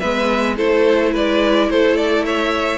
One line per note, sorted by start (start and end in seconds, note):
0.00 0.59 G#3
0.00 0.58 B3
0.00 0.56 B4
0.00 0.56 E5
0.57 1.15 A3
0.57 2.78 E4
0.57 1.12 A4
0.57 1.14 C5
1.12 1.70 G#3
1.12 1.69 B4
1.12 1.70 D5
1.70 2.78 A3
1.70 2.26 A4
1.70 1.96 C5
1.96 2.24 D5
2.26 2.78 C#5
2.26 2.78 E5